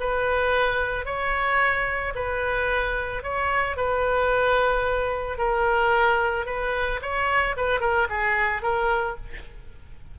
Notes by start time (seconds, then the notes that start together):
0.00 B4
1.06 C#5
2.15 B4
3.23 C#5
3.77 B4
5.38 A#4
6.46 B4
7.02 C#5
7.57 B4
7.81 A#4
8.10 G#4
8.62 A#4